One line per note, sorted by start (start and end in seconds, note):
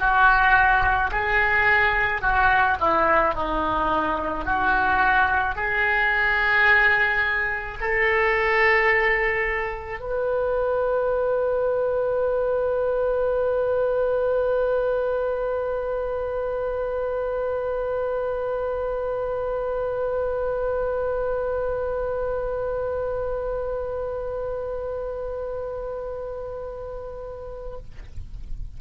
0.00 1.11 F#4
1.12 2.22 G#4
2.22 2.77 F#4
2.81 3.34 E4
3.34 4.45 D#4
4.45 5.56 F#4
5.56 7.78 G#4
7.81 10.00 A4
10.00 27.78 B4